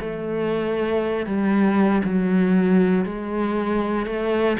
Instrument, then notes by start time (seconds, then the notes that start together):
cello
0.00 A3
1.26 G3
2.04 F#3
3.05 G#3
4.06 A3